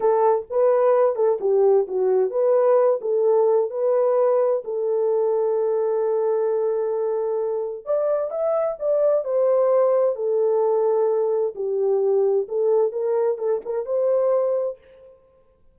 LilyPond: \new Staff \with { instrumentName = "horn" } { \time 4/4 \tempo 4 = 130 a'4 b'4. a'8 g'4 | fis'4 b'4. a'4. | b'2 a'2~ | a'1~ |
a'4 d''4 e''4 d''4 | c''2 a'2~ | a'4 g'2 a'4 | ais'4 a'8 ais'8 c''2 | }